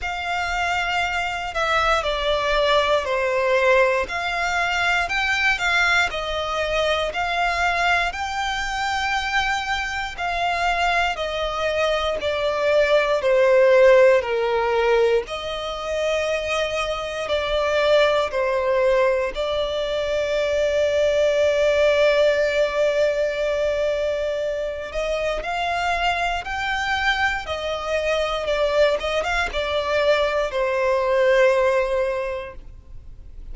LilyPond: \new Staff \with { instrumentName = "violin" } { \time 4/4 \tempo 4 = 59 f''4. e''8 d''4 c''4 | f''4 g''8 f''8 dis''4 f''4 | g''2 f''4 dis''4 | d''4 c''4 ais'4 dis''4~ |
dis''4 d''4 c''4 d''4~ | d''1~ | d''8 dis''8 f''4 g''4 dis''4 | d''8 dis''16 f''16 d''4 c''2 | }